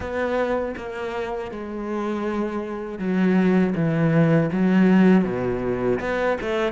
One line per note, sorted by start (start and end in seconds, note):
0.00 0.74 B3
0.77 1.51 A#3
1.51 2.98 G#3
2.98 3.73 F#3
3.75 4.50 E3
4.52 5.24 F#3
5.24 5.99 B2
6.00 6.37 B3
6.41 6.72 A3